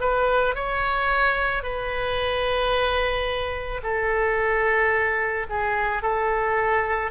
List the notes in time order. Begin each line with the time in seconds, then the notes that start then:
0.00 B4
0.55 C#5
1.63 B4
3.83 A4
5.49 G#4
6.01 A4